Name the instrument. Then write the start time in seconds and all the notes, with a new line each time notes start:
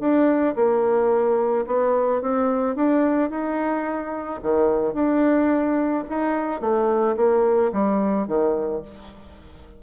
bassoon
0.00 D4
0.56 A#3
1.67 B3
2.22 C4
2.75 D4
3.30 D#4
4.43 D#3
4.94 D4
6.10 D#4
6.61 A3
7.17 A#3
7.73 G3
8.27 D#3